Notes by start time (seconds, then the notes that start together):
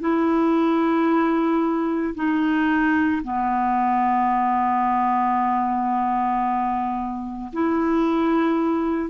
0.00 E4
2.14 D#4
3.23 B3
7.52 E4